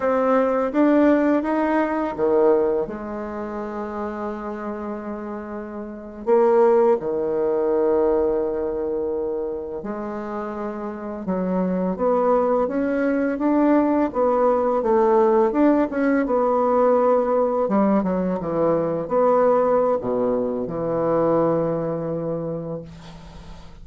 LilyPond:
\new Staff \with { instrumentName = "bassoon" } { \time 4/4 \tempo 4 = 84 c'4 d'4 dis'4 dis4 | gis1~ | gis8. ais4 dis2~ dis16~ | dis4.~ dis16 gis2 fis16~ |
fis8. b4 cis'4 d'4 b16~ | b8. a4 d'8 cis'8 b4~ b16~ | b8. g8 fis8 e4 b4~ b16 | b,4 e2. | }